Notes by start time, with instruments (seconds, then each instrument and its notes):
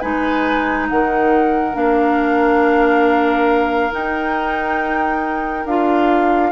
0.00 bassoon G#3, clarinet D#4, oboe B4, flute G#5
0.89 bassoon D#3, oboe A#4, flute F#5
1.73 bassoon A#3, clarinet D4, flute F5
3.91 clarinet D#4, bassoon D#4, flute G5
5.65 bassoon D4, clarinet F4, flute F5